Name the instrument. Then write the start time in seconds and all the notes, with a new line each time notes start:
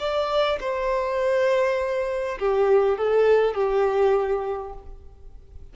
violin
0.00 D5
0.61 C5
2.40 G4
2.98 A4
3.55 G4